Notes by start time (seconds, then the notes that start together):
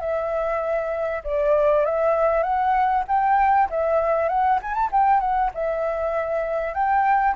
0.00 E5
1.24 D5
1.85 E5
2.43 F#5
3.07 G5
3.69 E5
4.28 F#5
4.62 G#5
4.74 A5
4.92 G5
5.20 F#5
5.54 E5
6.73 G5